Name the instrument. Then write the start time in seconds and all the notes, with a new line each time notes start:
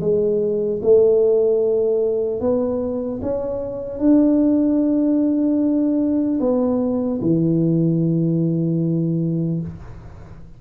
tuba
0.00 G#3
0.82 A3
2.40 B3
3.22 C#4
3.99 D4
6.40 B3
7.21 E3